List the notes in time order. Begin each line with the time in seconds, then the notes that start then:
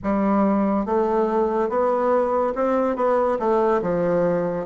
0.03 G3
0.85 A3
1.69 B3
2.55 C4
2.95 B3
3.39 A3
3.82 F3